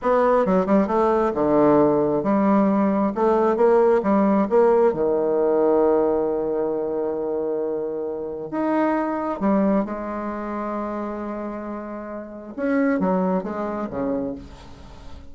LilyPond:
\new Staff \with { instrumentName = "bassoon" } { \time 4/4 \tempo 4 = 134 b4 fis8 g8 a4 d4~ | d4 g2 a4 | ais4 g4 ais4 dis4~ | dis1~ |
dis2. dis'4~ | dis'4 g4 gis2~ | gis1 | cis'4 fis4 gis4 cis4 | }